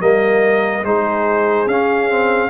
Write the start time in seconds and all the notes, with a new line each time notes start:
0.00 G3 A#3 A#4 D#5
0.84 G#3 D#4 G#4 C5
1.66 C#4 F5
2.10 C4